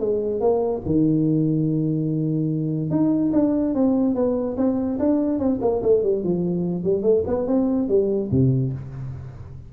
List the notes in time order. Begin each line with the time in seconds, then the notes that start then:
0.00 G#3
0.41 A#3
0.86 D#3
2.91 D#4
3.33 D4
3.75 C4
4.15 B3
4.57 C4
5.00 D4
5.39 C4
5.62 A#3
5.83 A3
6.03 G3
6.24 F3
6.84 G3
7.03 A3
7.27 B3
7.47 C4
7.89 G3
8.32 C3